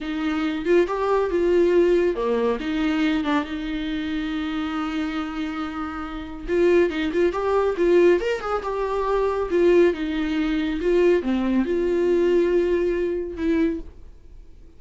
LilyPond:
\new Staff \with { instrumentName = "viola" } { \time 4/4 \tempo 4 = 139 dis'4. f'8 g'4 f'4~ | f'4 ais4 dis'4. d'8 | dis'1~ | dis'2. f'4 |
dis'8 f'8 g'4 f'4 ais'8 gis'8 | g'2 f'4 dis'4~ | dis'4 f'4 c'4 f'4~ | f'2. e'4 | }